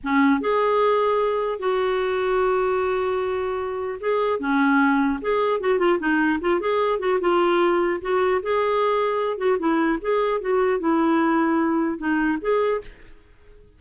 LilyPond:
\new Staff \with { instrumentName = "clarinet" } { \time 4/4 \tempo 4 = 150 cis'4 gis'2. | fis'1~ | fis'2 gis'4 cis'4~ | cis'4 gis'4 fis'8 f'8 dis'4 |
f'8 gis'4 fis'8 f'2 | fis'4 gis'2~ gis'8 fis'8 | e'4 gis'4 fis'4 e'4~ | e'2 dis'4 gis'4 | }